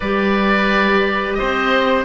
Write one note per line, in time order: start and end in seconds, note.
0.00 1.38 G3
0.00 2.05 G4
0.00 1.37 B4
0.00 1.34 D5
1.34 2.05 C5
1.34 2.03 D#5
1.41 2.05 C4